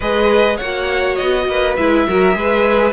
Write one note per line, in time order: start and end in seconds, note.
0.00 0.60 G#3
0.00 0.60 G#4
0.00 0.56 B4
0.00 0.57 D#5
0.56 1.20 A#3
0.56 1.79 F#4
0.56 1.44 C#5
0.56 1.15 F#5
1.15 1.48 B3
1.15 1.74 D#5
1.48 1.77 A#3
1.48 2.07 B4
1.76 2.07 G#3
1.76 2.07 E4
1.76 2.93 E5
2.07 2.34 F#3
2.07 2.32 F#4
2.07 2.37 A#4
2.32 2.93 G#3
2.32 2.91 G#4
2.32 2.93 B4